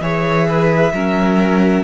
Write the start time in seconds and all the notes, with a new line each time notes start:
0.00 E3 G#4 C#5 E5
0.47 B4
0.93 F#3 C#4 A#4